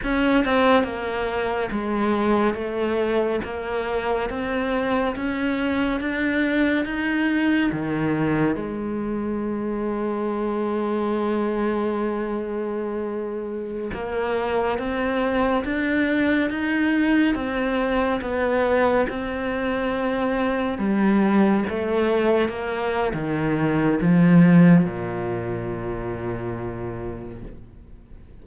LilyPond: \new Staff \with { instrumentName = "cello" } { \time 4/4 \tempo 4 = 70 cis'8 c'8 ais4 gis4 a4 | ais4 c'4 cis'4 d'4 | dis'4 dis4 gis2~ | gis1~ |
gis16 ais4 c'4 d'4 dis'8.~ | dis'16 c'4 b4 c'4.~ c'16~ | c'16 g4 a4 ais8. dis4 | f4 ais,2. | }